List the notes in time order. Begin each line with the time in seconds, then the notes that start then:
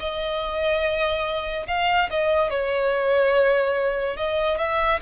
0.00 D#5
1.68 F5
2.10 D#5
2.50 C#5
4.17 D#5
4.58 E5